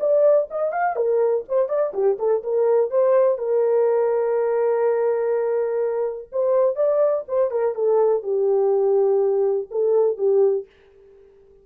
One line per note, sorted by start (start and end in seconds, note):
0.00 0.48 D5
0.50 0.72 D#5
0.72 0.96 F5
0.96 1.44 A#4
1.48 1.68 C5
1.68 1.93 D5
1.94 2.18 G4
2.19 2.43 A4
2.43 2.91 A#4
2.91 3.38 C5
3.38 6.28 A#4
6.32 6.76 C5
6.76 7.24 D5
7.28 7.51 C5
7.51 7.75 A#4
7.75 8.23 A4
8.23 9.68 G4
9.71 10.17 A4
10.17 10.66 G4